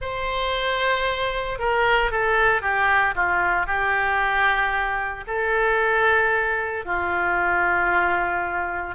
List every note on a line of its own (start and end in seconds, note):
0.01 1.58 C5
1.58 2.11 A#4
2.11 2.61 A4
2.61 3.14 G4
3.15 3.66 F4
3.66 5.24 G4
5.27 6.85 A4
6.85 8.95 F4